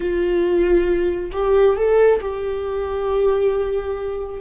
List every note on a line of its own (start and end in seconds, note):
0.00 1.31 F4
1.32 1.76 G4
1.76 2.20 A4
2.21 4.40 G4